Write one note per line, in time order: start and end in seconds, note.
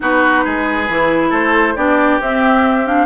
0.00 0.45 B3
0.00 0.87 D#4
0.00 0.44 F#4
0.00 1.33 B4
0.44 0.88 G#3
0.44 1.29 G#4
0.88 1.31 E3
0.88 1.76 E4
1.29 1.75 A3
1.29 1.73 A4
1.29 1.76 C5
1.75 2.20 B3
1.75 2.20 D4
1.75 3.05 G4
1.75 2.20 D5
2.20 2.85 C4
2.20 3.05 C4
2.20 2.86 E5
2.86 3.05 D4
2.86 3.05 F5